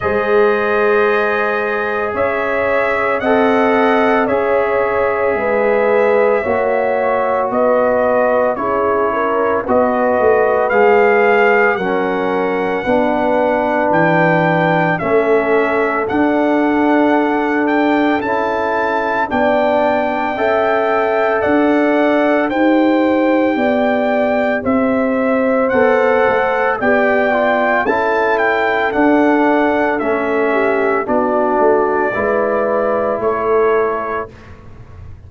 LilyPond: <<
  \new Staff \with { instrumentName = "trumpet" } { \time 4/4 \tempo 4 = 56 dis''2 e''4 fis''4 | e''2. dis''4 | cis''4 dis''4 f''4 fis''4~ | fis''4 g''4 e''4 fis''4~ |
fis''8 g''8 a''4 g''2 | fis''4 g''2 e''4 | fis''4 g''4 a''8 g''8 fis''4 | e''4 d''2 cis''4 | }
  \new Staff \with { instrumentName = "horn" } { \time 4/4 c''2 cis''4 dis''4 | cis''4 b'4 cis''4 b'4 | gis'8 ais'8 b'2 ais'4 | b'2 a'2~ |
a'2 d''4 e''4 | d''4 c''4 d''4 c''4~ | c''4 d''4 a'2~ | a'8 g'8 fis'4 b'4 a'4 | }
  \new Staff \with { instrumentName = "trombone" } { \time 4/4 gis'2. a'4 | gis'2 fis'2 | e'4 fis'4 gis'4 cis'4 | d'2 cis'4 d'4~ |
d'4 e'4 d'4 a'4~ | a'4 g'2. | a'4 g'8 f'8 e'4 d'4 | cis'4 d'4 e'2 | }
  \new Staff \with { instrumentName = "tuba" } { \time 4/4 gis2 cis'4 c'4 | cis'4 gis4 ais4 b4 | cis'4 b8 a8 gis4 fis4 | b4 e4 a4 d'4~ |
d'4 cis'4 b4 cis'4 | d'4 dis'4 b4 c'4 | b8 a8 b4 cis'4 d'4 | a4 b8 a8 gis4 a4 | }
>>